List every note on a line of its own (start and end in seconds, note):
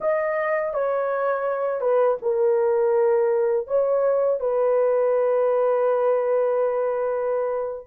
0.00 0.73 D#5
0.73 1.80 C#5
1.80 2.17 B4
2.22 3.67 A#4
3.67 4.40 C#5
4.40 7.87 B4